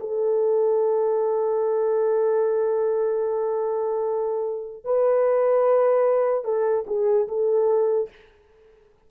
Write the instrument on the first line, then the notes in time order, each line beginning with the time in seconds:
horn
0.00 A4
4.84 B4
6.44 A4
6.87 G#4
7.28 A4